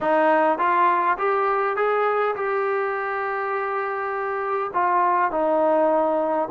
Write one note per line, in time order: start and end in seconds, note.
0.00 0.58 D#4
0.58 1.17 F4
1.18 1.76 G4
1.76 2.35 G#4
2.35 4.71 G4
4.73 5.31 F4
5.31 6.48 D#4